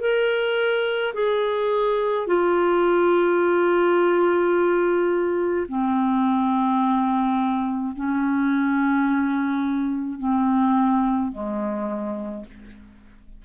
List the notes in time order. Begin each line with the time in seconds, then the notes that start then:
0.00 A#4
1.14 G#4
2.27 F4
5.68 C4
7.96 C#4
10.18 C4
11.32 G#3